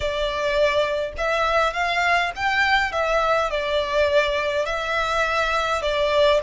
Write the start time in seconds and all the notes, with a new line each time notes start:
0.00 D5
1.17 E5
1.73 F5
2.35 G5
2.92 E5
3.50 D5
4.65 E5
5.82 D5